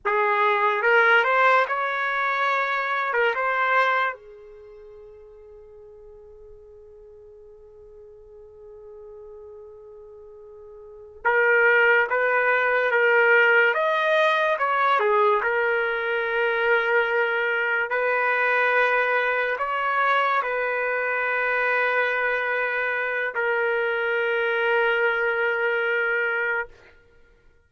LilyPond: \new Staff \with { instrumentName = "trumpet" } { \time 4/4 \tempo 4 = 72 gis'4 ais'8 c''8 cis''4.~ cis''16 ais'16 | c''4 gis'2.~ | gis'1~ | gis'4. ais'4 b'4 ais'8~ |
ais'8 dis''4 cis''8 gis'8 ais'4.~ | ais'4. b'2 cis''8~ | cis''8 b'2.~ b'8 | ais'1 | }